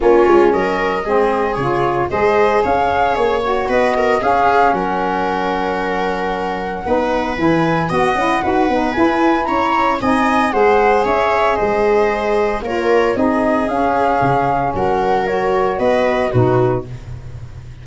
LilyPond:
<<
  \new Staff \with { instrumentName = "flute" } { \time 4/4 \tempo 4 = 114 cis''4 dis''2 cis''4 | dis''4 f''4 cis''4 dis''4 | f''4 fis''2.~ | fis''2 gis''4 fis''4~ |
fis''4 gis''4 ais''4 gis''4 | fis''4 e''4 dis''2 | cis''4 dis''4 f''2 | fis''4 cis''4 dis''4 b'4 | }
  \new Staff \with { instrumentName = "viola" } { \time 4/4 f'4 ais'4 gis'2 | c''4 cis''2 b'8 ais'8 | gis'4 ais'2.~ | ais'4 b'2 dis''4 |
b'2 cis''4 dis''4 | c''4 cis''4 c''2 | ais'4 gis'2. | ais'2 b'4 fis'4 | }
  \new Staff \with { instrumentName = "saxophone" } { \time 4/4 cis'2 c'4 f'4 | gis'2~ gis'8 fis'4. | cis'1~ | cis'4 dis'4 e'4 fis'8 e'8 |
fis'8 dis'8 e'2 dis'4 | gis'1 | f'4 dis'4 cis'2~ | cis'4 fis'2 dis'4 | }
  \new Staff \with { instrumentName = "tuba" } { \time 4/4 ais8 gis8 fis4 gis4 cis4 | gis4 cis'4 ais4 b4 | cis'4 fis2.~ | fis4 b4 e4 b8 cis'8 |
dis'8 b8 e'4 cis'4 c'4 | gis4 cis'4 gis2 | ais4 c'4 cis'4 cis4 | fis2 b4 b,4 | }
>>